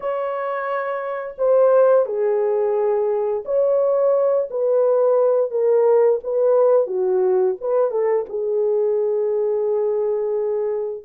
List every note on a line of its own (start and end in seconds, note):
0.00 1.35 C#5
1.38 2.05 C5
2.05 3.43 G#4
3.45 4.48 C#5
4.50 5.50 B4
5.50 6.19 A#4
6.23 6.86 B4
6.86 7.55 F#4
7.60 7.91 B4
7.91 8.25 A4
8.29 11.04 G#4